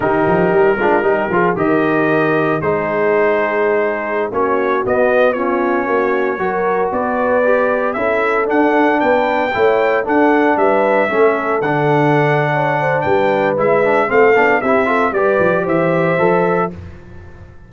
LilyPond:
<<
  \new Staff \with { instrumentName = "trumpet" } { \time 4/4 \tempo 4 = 115 ais'2. dis''4~ | dis''4 c''2.~ | c''16 cis''4 dis''4 cis''4.~ cis''16~ | cis''4~ cis''16 d''2 e''8.~ |
e''16 fis''4 g''2 fis''8.~ | fis''16 e''2 fis''4.~ fis''16~ | fis''4 g''4 e''4 f''4 | e''4 d''4 e''2 | }
  \new Staff \with { instrumentName = "horn" } { \time 4/4 g'4. f'8 g'8 gis'8 ais'4~ | ais'4 gis'2.~ | gis'16 fis'2 f'4 fis'8.~ | fis'16 ais'4 b'2 a'8.~ |
a'4~ a'16 b'4 cis''4 a'8.~ | a'16 b'4 a'2~ a'8. | cis''8 c''8 b'2 a'4 | g'8 a'8 b'4 c''2 | }
  \new Staff \with { instrumentName = "trombone" } { \time 4/4 dis'4. d'8 dis'8 f'8 g'4~ | g'4 dis'2.~ | dis'16 cis'4 b4 cis'4.~ cis'16~ | cis'16 fis'2 g'4 e'8.~ |
e'16 d'2 e'4 d'8.~ | d'4~ d'16 cis'4 d'4.~ d'16~ | d'2 e'8 d'8 c'8 d'8 | e'8 f'8 g'2 a'4 | }
  \new Staff \with { instrumentName = "tuba" } { \time 4/4 dis8 f8 g8 gis8 g8 f8 dis4~ | dis4 gis2.~ | gis16 ais4 b2 ais8.~ | ais16 fis4 b2 cis'8.~ |
cis'16 d'4 b4 a4 d'8.~ | d'16 g4 a4 d4.~ d16~ | d4 g4 gis4 a8 b8 | c'4 g8 f8 e4 f4 | }
>>